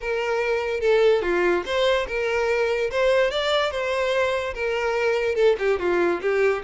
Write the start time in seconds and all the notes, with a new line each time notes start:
0.01 A#4
0.80 A4
1.22 F4
1.65 C5
2.07 A#4
2.90 C5
3.30 D5
3.71 C5
4.54 A#4
5.35 A4
5.59 G4
5.79 F4
6.21 G4